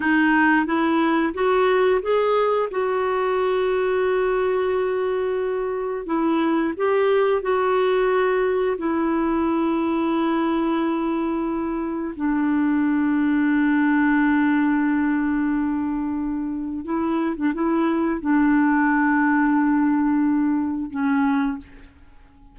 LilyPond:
\new Staff \with { instrumentName = "clarinet" } { \time 4/4 \tempo 4 = 89 dis'4 e'4 fis'4 gis'4 | fis'1~ | fis'4 e'4 g'4 fis'4~ | fis'4 e'2.~ |
e'2 d'2~ | d'1~ | d'4 e'8. d'16 e'4 d'4~ | d'2. cis'4 | }